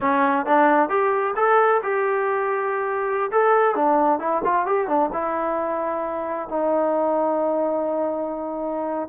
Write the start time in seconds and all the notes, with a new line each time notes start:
0.00 C#4
0.46 D4
0.89 G4
1.36 A4
1.83 G4
3.31 A4
3.75 D4
4.19 E4
4.44 F4
4.65 G4
4.87 D4
5.12 E4
6.49 D#4